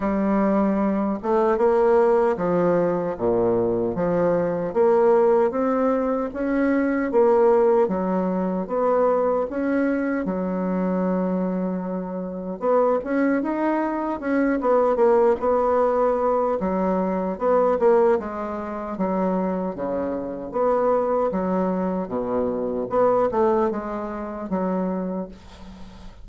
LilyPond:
\new Staff \with { instrumentName = "bassoon" } { \time 4/4 \tempo 4 = 76 g4. a8 ais4 f4 | ais,4 f4 ais4 c'4 | cis'4 ais4 fis4 b4 | cis'4 fis2. |
b8 cis'8 dis'4 cis'8 b8 ais8 b8~ | b4 fis4 b8 ais8 gis4 | fis4 cis4 b4 fis4 | b,4 b8 a8 gis4 fis4 | }